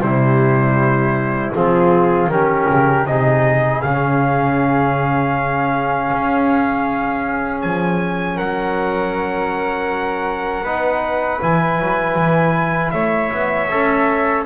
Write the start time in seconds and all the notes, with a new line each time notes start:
0.00 C3 G3 E4 C5
1.54 F3 C4 F4 G#4
2.27 D#3 C#4 G4 A#4
2.70 C#3
3.06 C3 D#4 G#4 D#5
3.82 C#3 C#4 F5
6.12 C#4
7.61 F3 G#5
8.36 F#3 A#4 F#5
10.63 B3 D#4 B4
11.41 E3 E4 G#5
11.78 F#3
12.16 E3
12.91 A3 C#5 E5
13.32 B3
13.70 C#4 A4